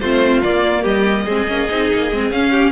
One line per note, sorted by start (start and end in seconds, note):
0.00 0.42 A3
0.00 0.43 C4
0.00 0.82 F4
0.00 0.42 C5
0.42 1.27 A#3
0.42 0.84 A#3
0.42 0.84 D5
0.82 1.26 G3
0.82 1.24 G4
0.82 2.31 D#5
1.25 1.47 G#3
1.25 1.47 C4
1.25 2.50 G#4
1.47 1.68 A#3
1.47 1.68 C#4
1.69 1.92 C4
1.69 2.11 D#4
1.93 2.11 A#3
2.11 2.30 G#3
2.11 2.33 C4
2.30 2.72 C#4
2.30 2.72 F5
2.50 2.71 G4